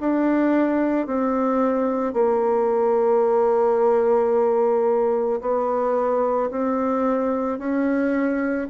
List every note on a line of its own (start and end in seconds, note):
0.00 1.06 D4
1.06 2.13 C4
2.13 5.40 A#3
5.40 6.50 B3
6.50 7.58 C4
7.58 8.67 C#4